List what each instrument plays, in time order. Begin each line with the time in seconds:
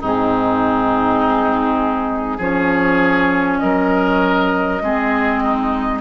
0.00 bassoon G#2, clarinet C4, oboe D#4, flute G#4
2.37 bassoon F3, clarinet C#4, oboe G#4, flute C#5
3.59 bassoon F#3, oboe A#4, flute D#5
4.82 bassoon G#3, clarinet C4, oboe G#4
5.43 oboe D#4